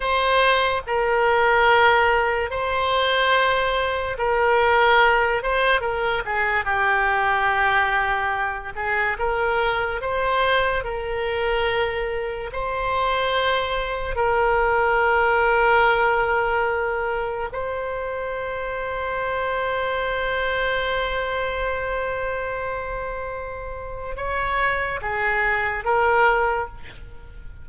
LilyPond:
\new Staff \with { instrumentName = "oboe" } { \time 4/4 \tempo 4 = 72 c''4 ais'2 c''4~ | c''4 ais'4. c''8 ais'8 gis'8 | g'2~ g'8 gis'8 ais'4 | c''4 ais'2 c''4~ |
c''4 ais'2.~ | ais'4 c''2.~ | c''1~ | c''4 cis''4 gis'4 ais'4 | }